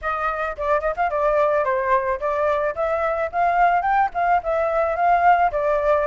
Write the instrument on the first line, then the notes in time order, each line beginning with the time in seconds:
flute
0.01 D#5
0.57 D5
0.80 D#5
0.96 F5
1.10 D5
1.64 C5
2.19 D5
2.75 E5
3.32 F5
3.82 G5
4.14 F5
4.43 E5
4.96 F5
5.51 D5